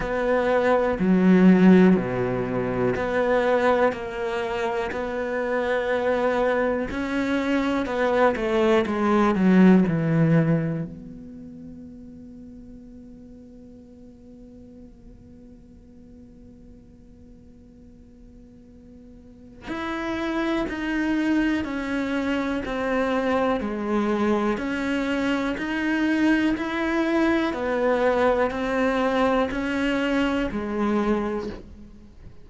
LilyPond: \new Staff \with { instrumentName = "cello" } { \time 4/4 \tempo 4 = 61 b4 fis4 b,4 b4 | ais4 b2 cis'4 | b8 a8 gis8 fis8 e4 b4~ | b1~ |
b1 | e'4 dis'4 cis'4 c'4 | gis4 cis'4 dis'4 e'4 | b4 c'4 cis'4 gis4 | }